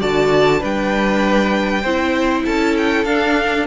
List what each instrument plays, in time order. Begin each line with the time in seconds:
0.00 cello D3, viola F#4, violin D5 A5
0.60 cello G3, viola D4, violin B4 G5
1.82 cello C4, viola E4, violin C5
2.45 cello C#4, violin A4 A5
2.77 violin G5
3.05 cello D4, viola D4, violin F5